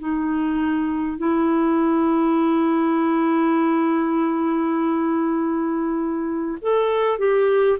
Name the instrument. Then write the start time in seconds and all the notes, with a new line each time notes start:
clarinet
0.00 D#4
1.18 E4
6.62 A4
7.19 G4